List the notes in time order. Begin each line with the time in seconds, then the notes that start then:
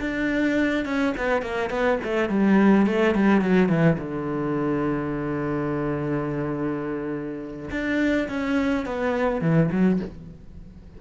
0.00 D4
0.85 C#4
1.17 B3
1.42 A#3
1.70 B3
2.04 A3
2.29 G3
2.86 A3
3.15 G3
3.42 F#3
3.69 E3
3.99 D3
7.71 D4
8.29 C#4
8.86 B3
9.41 E3
9.72 F#3